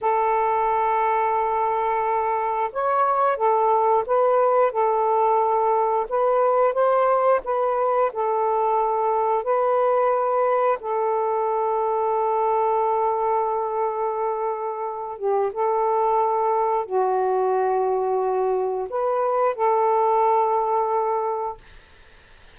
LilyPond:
\new Staff \with { instrumentName = "saxophone" } { \time 4/4 \tempo 4 = 89 a'1 | cis''4 a'4 b'4 a'4~ | a'4 b'4 c''4 b'4 | a'2 b'2 |
a'1~ | a'2~ a'8 g'8 a'4~ | a'4 fis'2. | b'4 a'2. | }